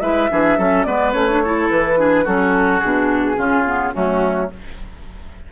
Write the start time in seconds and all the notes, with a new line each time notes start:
0.00 G#3 E4 B4 E5
0.30 E3 D4 G#4
0.57 F#3 C#4 A4
0.84 G#3 B3 B4 D5
1.12 A3 C#4 C#5
1.29 D4
1.44 E4 A4
1.70 E3 B4
1.97 D4 G#4
2.24 F#3 C#4 F#4 A4
2.80 B2 D4 G#4
3.36 C#3 C#4 F4
3.66 B3
3.93 F#3 A3 C#4 F#4